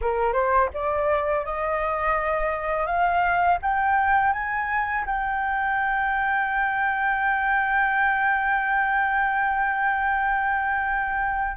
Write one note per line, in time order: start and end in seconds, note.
0.01 0.33 A#4
0.33 0.69 C5
0.73 1.45 D5
1.45 2.86 D#5
2.86 3.58 F5
3.61 4.32 G5
4.32 5.05 G#5
5.06 11.56 G5